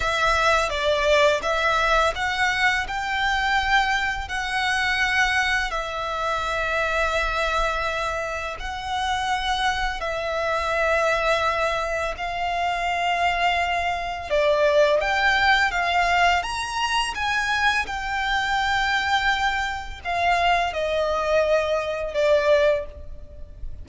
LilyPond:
\new Staff \with { instrumentName = "violin" } { \time 4/4 \tempo 4 = 84 e''4 d''4 e''4 fis''4 | g''2 fis''2 | e''1 | fis''2 e''2~ |
e''4 f''2. | d''4 g''4 f''4 ais''4 | gis''4 g''2. | f''4 dis''2 d''4 | }